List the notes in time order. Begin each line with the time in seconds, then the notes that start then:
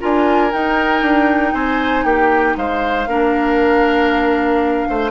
0.00 D4 F4 A#4 G#5
0.51 D#4 G5
1.02 D4
1.53 C4 C5 G#5
2.04 A#3 G4 G5
2.57 G#3 C5 F5
3.07 A#3 D4 A#4
4.89 A3 C5